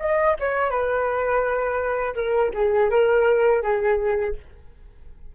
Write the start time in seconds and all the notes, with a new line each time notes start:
0.00 D#5
0.40 C#5
0.70 B4
2.15 A#4
2.54 G#4
2.90 A#4
3.63 G#4